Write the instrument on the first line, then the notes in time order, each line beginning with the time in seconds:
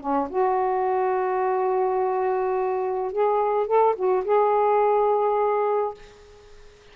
saxophone
0.00 C#4
0.29 F#4
3.12 G#4
3.67 A4
3.96 F#4
4.24 G#4